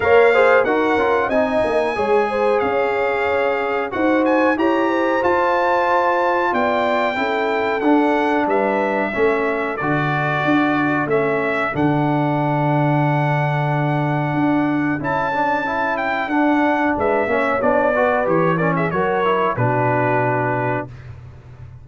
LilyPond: <<
  \new Staff \with { instrumentName = "trumpet" } { \time 4/4 \tempo 4 = 92 f''4 fis''4 gis''2 | f''2 fis''8 gis''8 ais''4 | a''2 g''2 | fis''4 e''2 d''4~ |
d''4 e''4 fis''2~ | fis''2. a''4~ | a''8 g''8 fis''4 e''4 d''4 | cis''8 d''16 e''16 cis''4 b'2 | }
  \new Staff \with { instrumentName = "horn" } { \time 4/4 cis''8 c''8 ais'4 dis''4 cis''8 c''8 | cis''2 c''4 cis''8 c''8~ | c''2 d''4 a'4~ | a'4 b'4 a'2~ |
a'1~ | a'1~ | a'2 b'8 cis''4 b'8~ | b'8 ais'16 gis'16 ais'4 fis'2 | }
  \new Staff \with { instrumentName = "trombone" } { \time 4/4 ais'8 gis'8 fis'8 f'8 dis'4 gis'4~ | gis'2 fis'4 g'4 | f'2. e'4 | d'2 cis'4 fis'4~ |
fis'4 cis'4 d'2~ | d'2. e'8 d'8 | e'4 d'4. cis'8 d'8 fis'8 | g'8 cis'8 fis'8 e'8 d'2 | }
  \new Staff \with { instrumentName = "tuba" } { \time 4/4 ais4 dis'8 cis'8 c'8 ais8 gis4 | cis'2 dis'4 e'4 | f'2 b4 cis'4 | d'4 g4 a4 d4 |
d'4 a4 d2~ | d2 d'4 cis'4~ | cis'4 d'4 gis8 ais8 b4 | e4 fis4 b,2 | }
>>